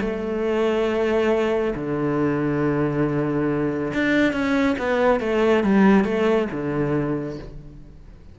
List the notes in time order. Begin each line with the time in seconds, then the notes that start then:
0.00 A3
1.75 D3
3.93 D4
4.32 C#4
4.78 B3
5.20 A3
5.63 G3
6.04 A3
6.52 D3